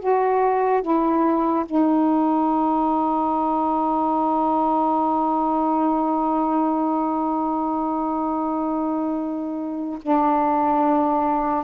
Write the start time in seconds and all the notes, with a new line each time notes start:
0.00 F#4
0.82 E4
1.66 D#4
10.02 D4